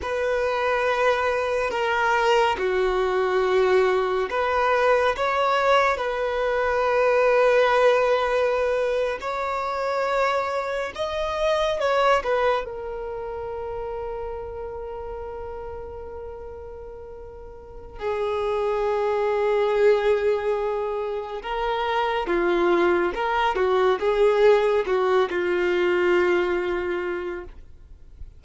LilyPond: \new Staff \with { instrumentName = "violin" } { \time 4/4 \tempo 4 = 70 b'2 ais'4 fis'4~ | fis'4 b'4 cis''4 b'4~ | b'2~ b'8. cis''4~ cis''16~ | cis''8. dis''4 cis''8 b'8 ais'4~ ais'16~ |
ais'1~ | ais'4 gis'2.~ | gis'4 ais'4 f'4 ais'8 fis'8 | gis'4 fis'8 f'2~ f'8 | }